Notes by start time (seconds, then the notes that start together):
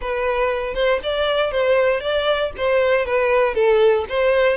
0.01 B4
0.74 C5
1.03 D5
1.51 C5
2.00 D5
2.57 C5
3.05 B4
3.54 A4
4.09 C5